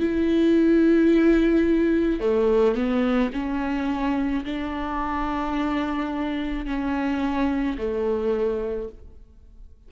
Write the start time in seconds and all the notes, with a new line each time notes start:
0.00 E4
2.20 A3
2.75 B3
3.33 C#4
4.44 D4
6.66 C#4
7.78 A3